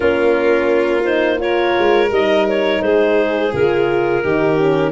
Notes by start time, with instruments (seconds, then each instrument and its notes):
0.00 tuba A#3, horn C#4, violin F4, clarinet A#4
1.04 horn D#4, clarinet C5
1.37 horn F4, violin A#4, clarinet C#5
1.78 tuba G#3
2.10 tuba G3, horn D#4, clarinet D#5
2.47 clarinet C#5
2.81 tuba G#3, violin G#4, clarinet C5
3.52 tuba C#3, horn F4, clarinet A#4
4.23 tuba D#3, horn D#4, violin G4
4.57 horn C#4